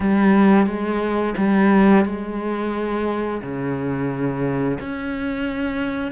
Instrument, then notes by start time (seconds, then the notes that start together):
cello
0.00 G3
0.66 G#3
1.37 G3
2.05 G#3
3.42 C#3
4.79 C#4